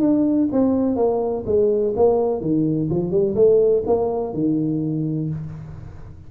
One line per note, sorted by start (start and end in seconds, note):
0.00 0.48 D4
0.51 0.96 C4
0.96 1.44 A#3
1.46 1.94 G#3
1.96 2.40 A#3
2.40 2.88 D#3
2.89 3.10 F3
3.10 3.34 G3
3.35 3.83 A3
3.86 4.33 A#3
4.33 5.29 D#3